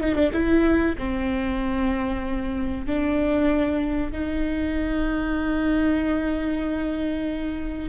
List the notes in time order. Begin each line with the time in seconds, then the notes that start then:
0.00 D#4
0.15 D4
0.32 E4
0.98 C4
2.86 D4
4.12 D#4